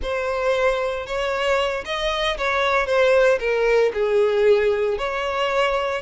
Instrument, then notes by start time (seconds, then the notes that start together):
violin
0.02 C5
1.06 C#5
1.85 D#5
2.37 C#5
2.86 C5
3.39 A#4
3.93 G#4
4.98 C#5